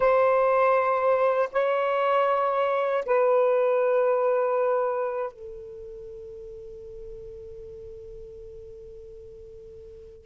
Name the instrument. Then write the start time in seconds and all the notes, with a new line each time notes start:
saxophone
0.00 C5
1.52 C#5
3.05 B4
5.32 A4